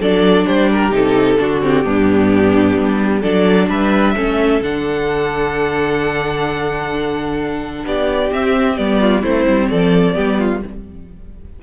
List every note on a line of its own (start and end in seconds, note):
0.00 0.46 F#3
0.00 0.91 D4
0.00 0.47 A4
0.00 0.47 D5
0.47 0.91 G3
0.47 1.39 G4
0.47 0.70 C5
0.72 0.95 A#4
0.91 1.37 C3
0.91 1.38 D#4
0.91 1.62 A4
1.39 1.86 D3
1.39 1.62 D4
1.39 1.85 F#4
1.62 1.84 C4
1.62 3.23 G4
1.84 2.77 G2
1.84 3.23 B3
1.84 3.21 D4
2.77 3.23 G3
3.21 3.69 F#3
3.21 4.16 D4
3.21 3.67 A4
3.21 3.69 D5
3.69 4.16 G3
3.69 4.15 B4
3.69 4.63 E5
4.16 4.61 A3
4.16 4.62 C#4
4.16 7.85 A4
4.61 7.84 D3
4.61 8.32 D4
4.61 7.86 F#5
7.85 8.31 B3
7.85 9.01 G4
7.85 8.33 D5
8.32 8.77 C4
8.32 8.78 C4
8.32 8.77 E5
8.77 9.23 G3
8.77 9.23 B3
8.77 9.23 D5
9.01 9.22 F4
9.22 9.46 A3
9.22 10.14 C4
9.22 9.68 E4
9.22 9.70 C5
9.48 9.71 G3
9.70 10.17 F3
9.70 10.16 A4
9.70 10.62 D5
10.14 10.63 G3
10.14 10.60 B3
10.14 10.39 G4
10.39 10.62 F4